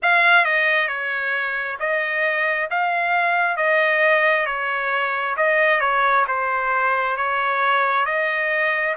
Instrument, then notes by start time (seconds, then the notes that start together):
trumpet
0.02 F5
0.44 D#5
0.88 C#5
1.79 D#5
2.70 F5
3.56 D#5
4.46 C#5
5.36 D#5
5.80 C#5
6.27 C5
7.16 C#5
8.05 D#5